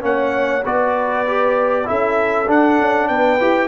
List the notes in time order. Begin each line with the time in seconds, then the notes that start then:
0.00 A#3 C#4 C#5 F#5
0.65 B3 F#4 B4 D5
1.27 G4
1.85 C#4 E4 A4 E5
2.47 D4 F#5
2.80 C#4
3.08 B3 B4 G5
3.40 E4 G4